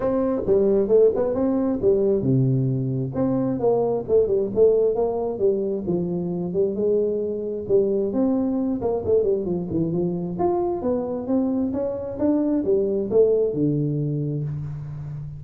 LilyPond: \new Staff \with { instrumentName = "tuba" } { \time 4/4 \tempo 4 = 133 c'4 g4 a8 b8 c'4 | g4 c2 c'4 | ais4 a8 g8 a4 ais4 | g4 f4. g8 gis4~ |
gis4 g4 c'4. ais8 | a8 g8 f8 e8 f4 f'4 | b4 c'4 cis'4 d'4 | g4 a4 d2 | }